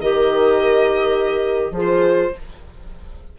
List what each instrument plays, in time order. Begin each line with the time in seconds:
0.00 bassoon D#3, clarinet G4, horn A#4, violin D#5
1.71 bassoon F3, clarinet F4, horn G#4
1.81 violin C5